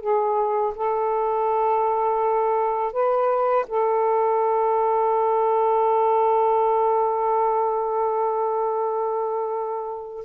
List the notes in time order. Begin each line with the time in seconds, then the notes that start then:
0.00 G#4
0.75 A4
2.92 B4
3.68 A4